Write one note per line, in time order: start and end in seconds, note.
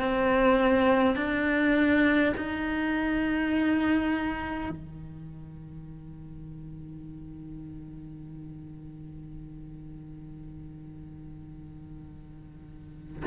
0.00 1.17 C4
1.17 2.34 D4
2.37 4.71 D#4
4.71 13.24 D#3